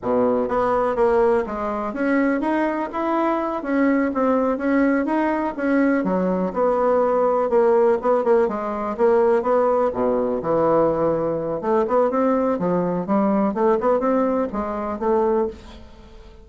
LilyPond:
\new Staff \with { instrumentName = "bassoon" } { \time 4/4 \tempo 4 = 124 b,4 b4 ais4 gis4 | cis'4 dis'4 e'4. cis'8~ | cis'8 c'4 cis'4 dis'4 cis'8~ | cis'8 fis4 b2 ais8~ |
ais8 b8 ais8 gis4 ais4 b8~ | b8 b,4 e2~ e8 | a8 b8 c'4 f4 g4 | a8 b8 c'4 gis4 a4 | }